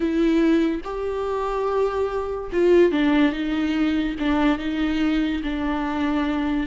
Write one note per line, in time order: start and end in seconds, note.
0.00 0.81 E4
0.84 2.50 G4
2.52 2.91 F4
2.91 3.32 D4
3.32 4.15 D#4
4.19 4.58 D4
4.58 5.41 D#4
5.43 6.67 D4